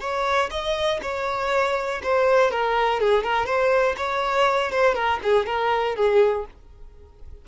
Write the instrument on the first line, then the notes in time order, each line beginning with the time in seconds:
violin
0.00 C#5
0.50 D#5
1.02 C#5
2.03 C5
2.51 A#4
3.00 G#4
3.23 A#4
3.46 C5
3.97 C#5
4.71 C5
4.94 A#4
5.23 G#4
5.46 A#4
5.96 G#4